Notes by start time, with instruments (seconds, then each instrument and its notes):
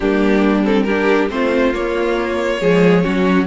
0.00 cello G3, viola A#3, violin D4 G4
0.64 viola C4, violin A4
0.83 viola D4, violin G4 A#4
1.29 cello A3, viola C4, violin F4 C5
1.73 viola A#3, cello A#3, violin C#5
2.60 cello F3, viola G#3, violin G#4
3.03 cello F#3, viola C#4, violin F#4